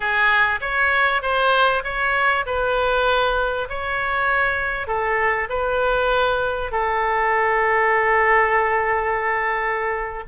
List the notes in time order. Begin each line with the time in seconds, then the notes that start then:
0.00 G#4
0.61 C#5
1.21 C5
1.84 C#5
2.45 B4
3.69 C#5
4.87 A4
5.49 B4
6.71 A4